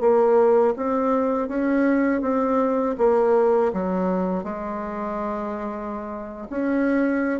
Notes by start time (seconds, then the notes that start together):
0.00 A#3
0.76 C4
1.48 C#4
2.21 C4
2.98 A#3
3.73 F#3
4.44 G#3
6.49 C#4